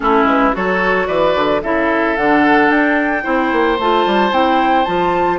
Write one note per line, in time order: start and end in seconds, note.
0.00 0.24 A3
0.00 0.52 C#4
0.00 0.55 E4
0.00 0.27 A4
0.24 0.51 G#3
0.24 0.55 B4
0.52 1.08 F#3
0.52 1.60 F#4
0.52 1.07 A4
0.52 1.07 C#5
1.07 1.35 E3
1.07 1.61 B4
1.07 1.61 D5
1.35 1.62 D3
1.62 2.16 C#3
1.62 2.17 E4
1.62 3.23 A4
1.62 2.16 E5
2.16 2.70 D3
2.16 3.23 D4
2.16 2.70 F#5
2.70 3.24 D4
2.70 3.78 G5
3.23 3.52 C4
3.23 3.77 E4
3.23 5.38 C5
3.52 3.78 A#3
3.78 4.05 A3
3.78 4.31 F4
3.78 4.33 A5
4.05 4.31 G3
4.31 4.85 C4
4.31 4.85 E4
4.31 4.84 G5
4.84 5.38 F3
4.84 5.38 F4
4.84 5.38 A5